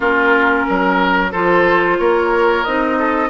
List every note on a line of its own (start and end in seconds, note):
0.00 0.65 A#3
0.00 1.31 C#4
0.00 0.66 F4
0.00 1.32 A#4
0.68 1.33 F#3
0.68 1.31 A#4
1.31 1.99 F3
1.31 2.65 F4
1.31 1.97 A4
1.31 1.98 C5
1.98 2.65 A#3
1.98 2.98 A#4
1.98 2.63 C#5
2.63 3.29 C4
2.63 3.29 D#4
2.63 3.29 D#5
2.98 3.29 A4